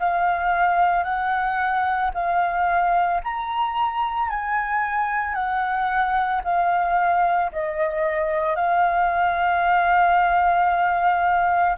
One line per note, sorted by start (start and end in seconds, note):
0.00 1.04 F5
1.04 2.11 F#5
2.15 3.22 F5
3.24 4.30 A#5
4.30 5.35 G#5
5.35 6.42 F#5
6.44 7.51 F5
7.52 8.56 D#5
8.56 11.77 F5